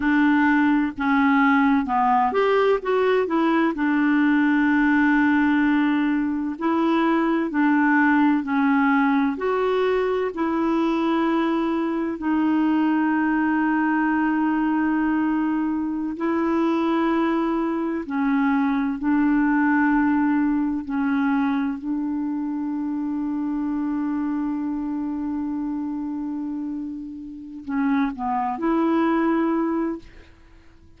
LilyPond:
\new Staff \with { instrumentName = "clarinet" } { \time 4/4 \tempo 4 = 64 d'4 cis'4 b8 g'8 fis'8 e'8 | d'2. e'4 | d'4 cis'4 fis'4 e'4~ | e'4 dis'2.~ |
dis'4~ dis'16 e'2 cis'8.~ | cis'16 d'2 cis'4 d'8.~ | d'1~ | d'4. cis'8 b8 e'4. | }